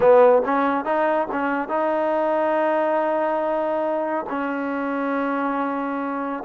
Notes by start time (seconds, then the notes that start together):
0.00 B3
0.45 C#4
0.84 D#4
1.31 C#4
1.68 D#4
4.29 C#4